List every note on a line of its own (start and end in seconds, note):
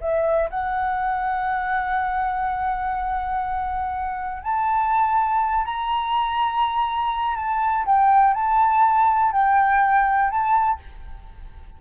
0.00 0.49 E5
0.50 4.42 F#5
4.42 5.65 A5
5.65 7.36 A#5
7.36 7.85 A5
7.85 8.34 G5
8.34 9.32 A5
9.32 10.30 G5
10.30 10.79 A5